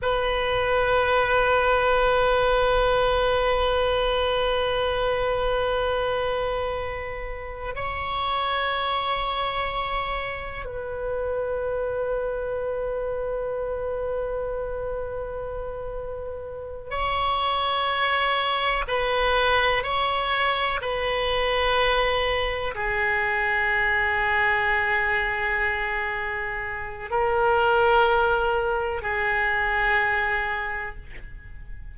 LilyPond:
\new Staff \with { instrumentName = "oboe" } { \time 4/4 \tempo 4 = 62 b'1~ | b'1 | cis''2. b'4~ | b'1~ |
b'4. cis''2 b'8~ | b'8 cis''4 b'2 gis'8~ | gis'1 | ais'2 gis'2 | }